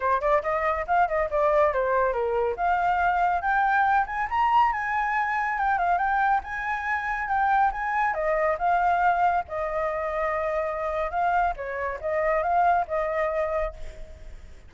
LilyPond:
\new Staff \with { instrumentName = "flute" } { \time 4/4 \tempo 4 = 140 c''8 d''8 dis''4 f''8 dis''8 d''4 | c''4 ais'4 f''2 | g''4. gis''8 ais''4 gis''4~ | gis''4 g''8 f''8 g''4 gis''4~ |
gis''4 g''4 gis''4 dis''4 | f''2 dis''2~ | dis''2 f''4 cis''4 | dis''4 f''4 dis''2 | }